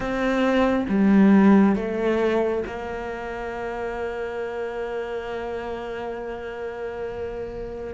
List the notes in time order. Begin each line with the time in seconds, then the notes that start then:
0.00 C4
0.88 G3
1.75 A3
2.66 A#3